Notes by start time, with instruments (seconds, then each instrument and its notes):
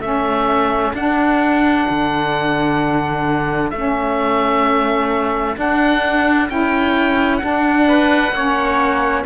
0.00 cello A3, saxophone C#4, trumpet A4, oboe E5
0.93 cello D4, saxophone D4, oboe F#5
1.89 cello D3
3.70 cello A3, saxophone C#4, oboe E5
5.54 saxophone D4, cello D4, oboe F#5
6.48 cello C#4, saxophone E4, oboe G5
7.37 saxophone D4, cello D4, oboe F#5
7.88 trumpet B4
8.31 cello A#3, saxophone C#4, trumpet C#5